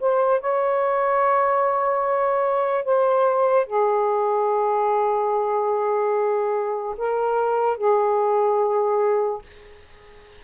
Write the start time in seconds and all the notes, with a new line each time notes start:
0.00 C5
0.40 C#5
2.84 C5
3.66 G#4
6.97 A#4
7.77 G#4